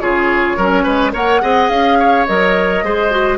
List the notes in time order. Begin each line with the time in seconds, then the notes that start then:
0.00 C#3 F4 G#4 C#5
0.57 F#3 C#4 A#4
0.83 G#3 B4
1.13 A#3 A#4 C#5 F#5
1.41 C4 G#4 D#5
1.69 C#4 F5
1.99 C#5
2.27 F#3 A#4 D#5
2.83 G#3 G#4 C5
3.11 F#4